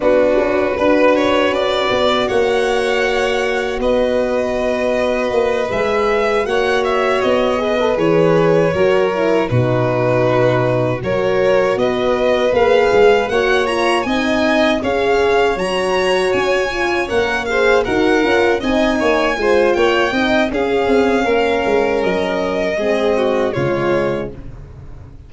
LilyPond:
<<
  \new Staff \with { instrumentName = "violin" } { \time 4/4 \tempo 4 = 79 b'2. fis''4~ | fis''4 dis''2~ dis''8 e''8~ | e''8 fis''8 e''8 dis''4 cis''4.~ | cis''8 b'2 cis''4 dis''8~ |
dis''8 f''4 fis''8 ais''8 gis''4 f''8~ | f''8 ais''4 gis''4 fis''8 f''8 fis''8~ | fis''8 gis''4. g''4 f''4~ | f''4 dis''2 cis''4 | }
  \new Staff \with { instrumentName = "violin" } { \time 4/4 fis'4 b'8 cis''8 d''4 cis''4~ | cis''4 b'2.~ | b'8 cis''4. b'4. ais'8~ | ais'8 fis'2 ais'4 b'8~ |
b'4. cis''4 dis''4 cis''8~ | cis''2. c''8 ais'8~ | ais'8 dis''8 cis''8 c''8 cis''8 dis''8 gis'4 | ais'2 gis'8 fis'8 f'4 | }
  \new Staff \with { instrumentName = "horn" } { \time 4/4 d'4 fis'2.~ | fis'2.~ fis'8 gis'8~ | gis'8 fis'4. gis'16 a'16 gis'4 fis'8 | e'8 dis'2 fis'4.~ |
fis'8 gis'4 fis'8 f'8 dis'4 gis'8~ | gis'8 fis'4. f'8 ais'8 gis'8 fis'8 | f'8 dis'4 f'4 dis'8 cis'4~ | cis'2 c'4 gis4 | }
  \new Staff \with { instrumentName = "tuba" } { \time 4/4 b8 cis'8 d'4 cis'8 b8 ais4~ | ais4 b2 ais8 gis8~ | gis8 ais4 b4 e4 fis8~ | fis8 b,2 fis4 b8~ |
b8 ais8 gis8 ais4 c'4 cis'8~ | cis'8 fis4 cis'4 ais4 dis'8 | cis'8 c'8 ais8 gis8 ais8 c'8 cis'8 c'8 | ais8 gis8 fis4 gis4 cis4 | }
>>